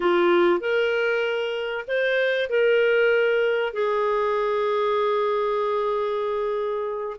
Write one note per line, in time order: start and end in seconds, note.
0.00 0.60 F4
0.60 1.85 A#4
1.87 2.49 C5
2.49 3.73 A#4
3.73 7.16 G#4